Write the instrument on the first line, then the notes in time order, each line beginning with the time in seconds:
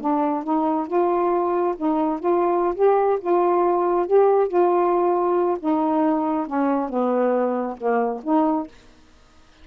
saxophone
0.00 D4
0.43 D#4
0.87 F4
1.77 D#4
2.19 F4
2.75 G4
3.20 F4
4.06 G4
4.48 F4
5.59 D#4
6.46 C#4
6.89 B3
7.77 A#3
8.23 D#4